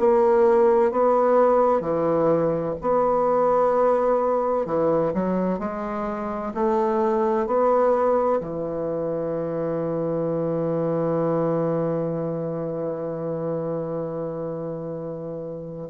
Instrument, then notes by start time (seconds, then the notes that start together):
bassoon
0.00 A#3
0.92 B3
1.81 E3
2.82 B3
4.66 E3
5.14 F#3
5.60 G#3
6.55 A3
7.47 B3
8.41 E3